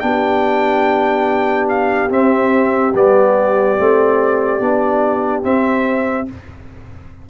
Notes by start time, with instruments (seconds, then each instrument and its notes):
0.00 tuba B3, trombone D4, horn G4, trumpet G5
1.69 trumpet F5
2.10 trombone C4, tuba C4, trumpet E5
2.94 tuba G3, trombone B3, trumpet D5
3.78 tuba A3, trombone C4
4.60 tuba B3, trombone D4
5.43 trombone C4, tuba C4, trumpet E5